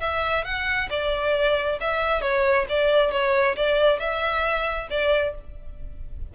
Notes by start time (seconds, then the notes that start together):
0.00 E5
0.44 F#5
0.89 D5
1.80 E5
2.21 C#5
2.69 D5
3.11 C#5
3.56 D5
3.99 E5
4.90 D5